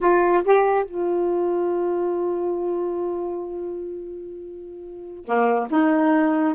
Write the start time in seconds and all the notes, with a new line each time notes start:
0.00 F4
0.44 G4
0.85 F4
5.25 A#3
5.70 D#4